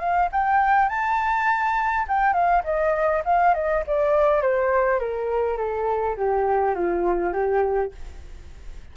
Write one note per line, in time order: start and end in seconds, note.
0.00 0.29 F5
0.33 0.89 G5
0.89 2.07 A5
2.08 2.33 G5
2.33 2.63 F5
2.64 3.23 D#5
3.25 3.55 F5
3.55 3.84 D#5
3.87 4.42 D5
4.42 5.00 C5
5.00 5.58 A#4
5.58 6.17 A4
6.17 6.75 G4
6.75 7.33 F4
7.33 7.92 G4